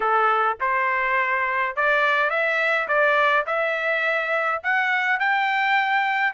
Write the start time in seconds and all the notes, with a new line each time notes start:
0.00 A4
0.60 C5
1.75 D5
2.30 E5
2.87 D5
3.46 E5
4.63 F#5
5.19 G5